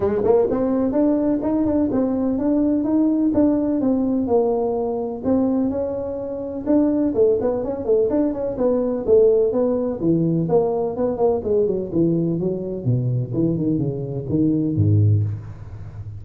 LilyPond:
\new Staff \with { instrumentName = "tuba" } { \time 4/4 \tempo 4 = 126 gis8 ais8 c'4 d'4 dis'8 d'8 | c'4 d'4 dis'4 d'4 | c'4 ais2 c'4 | cis'2 d'4 a8 b8 |
cis'8 a8 d'8 cis'8 b4 a4 | b4 e4 ais4 b8 ais8 | gis8 fis8 e4 fis4 b,4 | e8 dis8 cis4 dis4 gis,4 | }